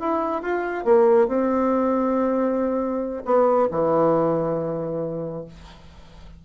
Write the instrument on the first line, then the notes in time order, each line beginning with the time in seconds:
bassoon
0.00 E4
0.42 F4
0.85 A#3
1.28 C4
3.25 B3
3.71 E3